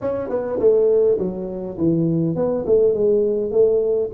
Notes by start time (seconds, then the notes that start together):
0.01 C#4
0.29 B3
0.59 A3
1.18 F#3
1.77 E3
2.35 B3
2.66 A3
2.94 G#3
3.51 A3